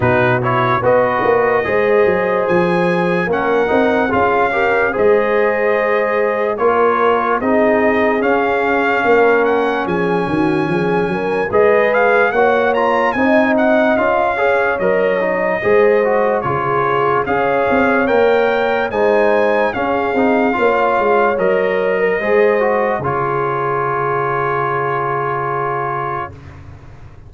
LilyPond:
<<
  \new Staff \with { instrumentName = "trumpet" } { \time 4/4 \tempo 4 = 73 b'8 cis''8 dis''2 gis''4 | fis''4 f''4 dis''2 | cis''4 dis''4 f''4. fis''8 | gis''2 dis''8 f''8 fis''8 ais''8 |
gis''8 fis''8 f''4 dis''2 | cis''4 f''4 g''4 gis''4 | f''2 dis''2 | cis''1 | }
  \new Staff \with { instrumentName = "horn" } { \time 4/4 fis'4 b'4 c''2 | ais'4 gis'8 ais'8 c''2 | ais'4 gis'2 ais'4 | gis'8 fis'8 gis'8 ais'8 b'4 cis''4 |
dis''4. cis''4. c''4 | gis'4 cis''2 c''4 | gis'4 cis''4.~ cis''16 ais'16 c''4 | gis'1 | }
  \new Staff \with { instrumentName = "trombone" } { \time 4/4 dis'8 e'8 fis'4 gis'2 | cis'8 dis'8 f'8 g'8 gis'2 | f'4 dis'4 cis'2~ | cis'2 gis'4 fis'8 f'8 |
dis'4 f'8 gis'8 ais'8 dis'8 gis'8 fis'8 | f'4 gis'4 ais'4 dis'4 | cis'8 dis'8 f'4 ais'4 gis'8 fis'8 | f'1 | }
  \new Staff \with { instrumentName = "tuba" } { \time 4/4 b,4 b8 ais8 gis8 fis8 f4 | ais8 c'8 cis'4 gis2 | ais4 c'4 cis'4 ais4 | f8 dis8 f8 fis8 gis4 ais4 |
c'4 cis'4 fis4 gis4 | cis4 cis'8 c'8 ais4 gis4 | cis'8 c'8 ais8 gis8 fis4 gis4 | cis1 | }
>>